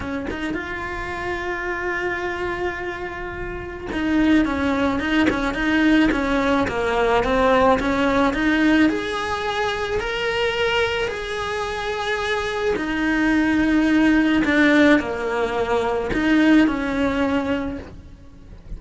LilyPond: \new Staff \with { instrumentName = "cello" } { \time 4/4 \tempo 4 = 108 cis'8 dis'8 f'2.~ | f'2. dis'4 | cis'4 dis'8 cis'8 dis'4 cis'4 | ais4 c'4 cis'4 dis'4 |
gis'2 ais'2 | gis'2. dis'4~ | dis'2 d'4 ais4~ | ais4 dis'4 cis'2 | }